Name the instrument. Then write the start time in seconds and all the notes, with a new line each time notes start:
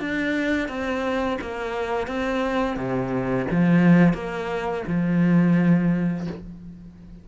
cello
0.00 D4
0.68 C4
1.41 A#3
2.07 C4
2.77 C3
3.51 F3
4.14 A#3
4.87 F3